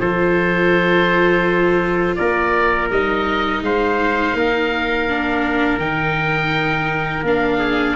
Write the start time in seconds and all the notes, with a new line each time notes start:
0.00 F3 F4 A4 C5
2.16 A#3 A#4 D5
2.90 G3 D#4 D#5
3.62 G#3 C5 F5
4.33 A#3 A#4
5.09 D4
5.78 D#3 D#4 G5
7.22 A#3 D4 F5
7.59 G#4